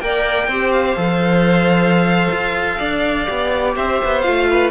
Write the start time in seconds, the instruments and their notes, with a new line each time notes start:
0.00 cello A#3, viola A#4, violin D5 G5
0.48 cello C4, viola G4, violin C5
0.72 violin F5
0.97 cello F3, viola A4
2.31 cello F4
2.78 cello D4, violin D5
3.26 cello B3, viola G4
3.76 cello C4, violin C5 E5
4.04 cello B3
4.21 cello A3, viola F4, violin F5
4.50 violin B4